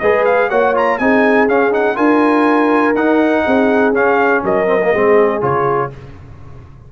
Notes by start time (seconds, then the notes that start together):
0.00 G#3 G#4 B4 D#5
0.26 F5
0.50 A#3 F#4 C#5 F#5
0.75 F4 A#5
0.99 C4 D#4 G#4 G#5
1.49 C#4 F5
1.72 D#4 F#5
1.95 D4 F4 A#4 G#5
2.95 D#4 F#5
3.45 C4 G#4
3.93 C#4 F5
4.44 F#3 A#4 D#5
4.67 C4
4.83 A#3
4.90 G#3 C4 G#4
5.41 C#3 F4 C#5